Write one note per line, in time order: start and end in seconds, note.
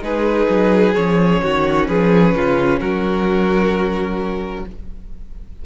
0.00 0.46 G#3
0.00 0.93 D#4
0.00 1.42 G#4
0.00 0.94 B4
0.49 0.95 F#3
0.94 1.42 F3
0.94 4.64 C#4
0.94 1.86 C#5
1.42 1.89 D#3
1.42 1.88 F#4
1.87 2.34 F3
1.87 2.34 G#4
1.87 2.79 B4
2.34 2.80 C#3
2.34 2.80 F4
2.80 4.64 F#3
2.80 4.64 F#4
2.80 4.65 A#4